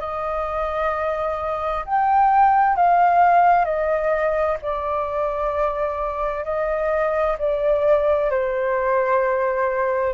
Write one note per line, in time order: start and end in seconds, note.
0.00 1.85 D#5
1.85 2.76 G5
2.76 3.65 F5
3.65 4.57 D#5
4.62 6.44 D5
6.44 7.37 D#5
7.38 8.30 D5
8.30 10.14 C5